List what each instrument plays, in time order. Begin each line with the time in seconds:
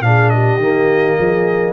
0.00 tuba A#2, trombone D4, horn G#4, trumpet F5
0.29 horn G4, trumpet D#5
0.57 tuba D#3, trombone A#3
1.18 tuba F3, horn G#4